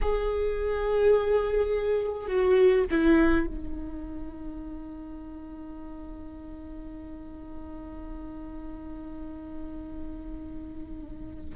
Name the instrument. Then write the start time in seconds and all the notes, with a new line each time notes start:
viola
0.01 G#4
2.27 F#4
2.90 E4
3.46 D#4